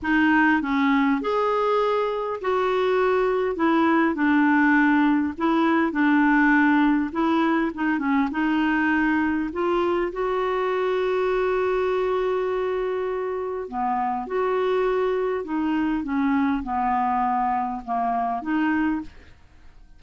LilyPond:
\new Staff \with { instrumentName = "clarinet" } { \time 4/4 \tempo 4 = 101 dis'4 cis'4 gis'2 | fis'2 e'4 d'4~ | d'4 e'4 d'2 | e'4 dis'8 cis'8 dis'2 |
f'4 fis'2.~ | fis'2. b4 | fis'2 dis'4 cis'4 | b2 ais4 dis'4 | }